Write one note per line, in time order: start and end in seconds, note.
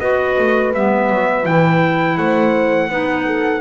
0.00 0.36 B3
0.00 0.74 F#4
0.00 2.18 B4
0.00 0.72 D#5
0.39 0.74 A3
0.74 1.10 G3
0.74 1.44 B3
0.74 1.46 E5
1.10 1.46 F#3
1.44 2.18 E3
1.44 2.88 E4
1.44 2.18 G5
2.18 2.89 A3
2.18 2.89 C5
2.18 3.61 F#5
2.89 3.61 B3
2.89 3.61 D#4
2.89 3.25 B4
3.26 3.61 A4